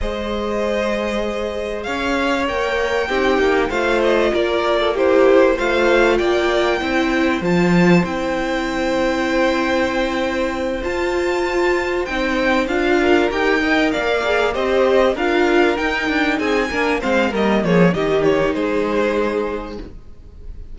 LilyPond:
<<
  \new Staff \with { instrumentName = "violin" } { \time 4/4 \tempo 4 = 97 dis''2. f''4 | g''2 f''8 dis''8 d''4 | c''4 f''4 g''2 | a''4 g''2.~ |
g''4. a''2 g''8~ | g''8 f''4 g''4 f''4 dis''8~ | dis''8 f''4 g''4 gis''4 f''8 | dis''8 cis''8 dis''8 cis''8 c''2 | }
  \new Staff \with { instrumentName = "violin" } { \time 4/4 c''2. cis''4~ | cis''4 g'4 c''4 ais'8. a'16 | g'4 c''4 d''4 c''4~ | c''1~ |
c''1~ | c''4 ais'4 dis''8 d''4 c''8~ | c''8 ais'2 gis'8 ais'8 c''8 | ais'8 gis'8 g'4 gis'2 | }
  \new Staff \with { instrumentName = "viola" } { \time 4/4 gis'1 | ais'4 dis'4 f'2 | e'4 f'2 e'4 | f'4 e'2.~ |
e'4. f'2 dis'8~ | dis'8 f'4 g'8 ais'4 gis'8 g'8~ | g'8 f'4 dis'4. d'8 c'8 | ais4 dis'2. | }
  \new Staff \with { instrumentName = "cello" } { \time 4/4 gis2. cis'4 | ais4 c'8 ais8 a4 ais4~ | ais4 a4 ais4 c'4 | f4 c'2.~ |
c'4. f'2 c'8~ | c'8 d'4 dis'4 ais4 c'8~ | c'8 d'4 dis'8 d'8 c'8 ais8 gis8 | g8 f8 dis4 gis2 | }
>>